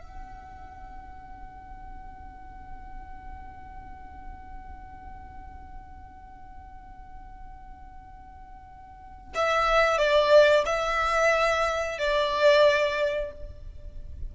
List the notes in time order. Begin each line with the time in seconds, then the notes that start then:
0.00 F#5
9.34 E5
9.98 D5
10.65 E5
11.98 D5